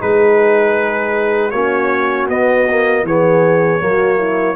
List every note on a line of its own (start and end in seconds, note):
0.00 1.53 G#3
0.00 1.52 D#4
0.00 1.52 G#4
0.00 1.51 B4
1.51 2.28 A#3
1.51 2.31 C#4
1.51 3.04 F#4
1.51 2.27 C#5
2.28 3.03 B3
2.28 2.69 B3
2.28 3.06 D#5
2.69 3.07 A#3
3.03 3.79 E3
3.03 3.80 B3
3.03 3.82 G#4
3.03 4.56 C#5
3.80 4.56 F#3
3.80 4.56 A#3
3.80 4.18 F#4
4.18 4.56 E4